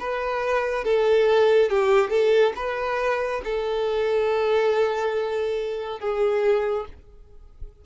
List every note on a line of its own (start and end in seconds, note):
0.00 0.84 B4
0.84 1.70 A4
1.70 2.10 G4
2.10 2.53 A4
2.56 3.41 B4
3.44 6.00 A4
6.00 6.85 G#4